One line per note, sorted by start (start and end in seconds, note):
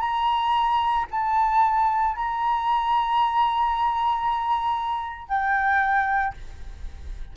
0.00 1.05 A#5
1.11 2.15 A5
2.15 5.28 A#5
5.28 6.33 G5